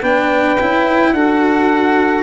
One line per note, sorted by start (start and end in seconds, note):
0.00 0.57 B3
0.00 0.58 D4
0.00 1.11 B4
0.00 1.13 G5
0.60 1.12 C#4
0.60 1.15 E4
1.12 2.22 D4
1.12 2.22 F#4
1.12 2.22 A4
1.12 2.22 F#5